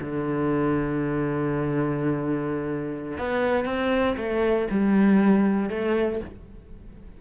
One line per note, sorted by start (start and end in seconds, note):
0.00 3.17 D3
3.17 3.64 B3
3.64 4.15 C4
4.17 4.68 A3
4.70 5.69 G3
5.69 6.20 A3